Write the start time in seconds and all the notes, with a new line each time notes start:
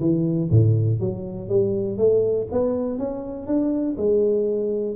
0.00 E3
0.50 A2
1.00 F#3
1.49 G3
1.98 A3
2.52 B3
2.99 C#4
3.47 D4
3.98 G#3